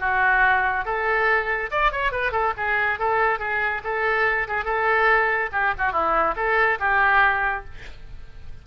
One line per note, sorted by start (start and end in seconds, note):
0.00 0.85 F#4
0.85 1.71 A4
1.71 1.92 D5
1.92 2.12 C#5
2.12 2.32 B4
2.32 2.53 A4
2.57 2.99 G#4
2.99 3.39 A4
3.39 3.82 G#4
3.84 4.48 A4
4.48 4.65 G#4
4.65 5.50 A4
5.53 5.74 G4
5.79 5.92 F#4
5.92 6.35 E4
6.36 6.79 A4
6.80 7.65 G4